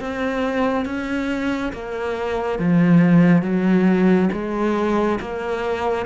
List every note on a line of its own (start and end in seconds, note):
0.00 0.85 C4
0.85 1.72 C#4
1.72 2.58 A#3
2.58 3.42 F3
3.42 4.29 F#3
4.32 5.19 G#3
5.20 6.06 A#3